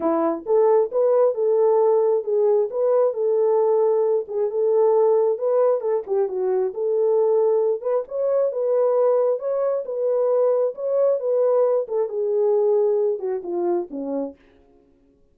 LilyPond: \new Staff \with { instrumentName = "horn" } { \time 4/4 \tempo 4 = 134 e'4 a'4 b'4 a'4~ | a'4 gis'4 b'4 a'4~ | a'4. gis'8 a'2 | b'4 a'8 g'8 fis'4 a'4~ |
a'4. b'8 cis''4 b'4~ | b'4 cis''4 b'2 | cis''4 b'4. a'8 gis'4~ | gis'4. fis'8 f'4 cis'4 | }